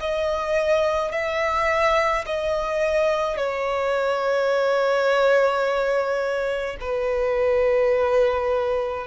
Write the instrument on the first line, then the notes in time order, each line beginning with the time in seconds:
violin
0.00 D#5
1.12 E5
2.26 D#5
3.37 C#5
6.81 B4